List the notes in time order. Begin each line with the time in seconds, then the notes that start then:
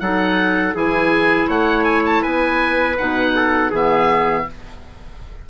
0.00 F#3 D#4 A4 F#5
0.74 E3 E4 G#4 G#5
1.48 A3 C#5 F#5
1.84 G#5
2.06 A5
2.22 B3 B4 G#5
2.98 B2 D#4 F#5
3.36 A4
3.71 E3 B3 G#4 E5